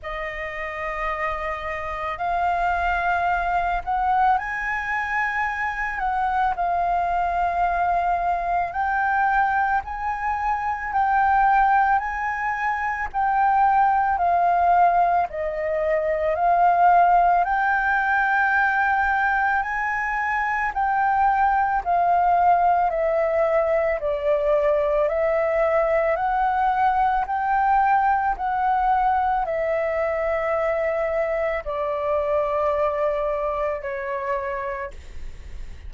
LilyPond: \new Staff \with { instrumentName = "flute" } { \time 4/4 \tempo 4 = 55 dis''2 f''4. fis''8 | gis''4. fis''8 f''2 | g''4 gis''4 g''4 gis''4 | g''4 f''4 dis''4 f''4 |
g''2 gis''4 g''4 | f''4 e''4 d''4 e''4 | fis''4 g''4 fis''4 e''4~ | e''4 d''2 cis''4 | }